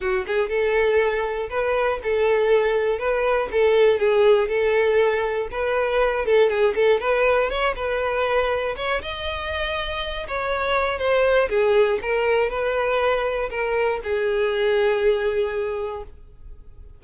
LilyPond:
\new Staff \with { instrumentName = "violin" } { \time 4/4 \tempo 4 = 120 fis'8 gis'8 a'2 b'4 | a'2 b'4 a'4 | gis'4 a'2 b'4~ | b'8 a'8 gis'8 a'8 b'4 cis''8 b'8~ |
b'4. cis''8 dis''2~ | dis''8 cis''4. c''4 gis'4 | ais'4 b'2 ais'4 | gis'1 | }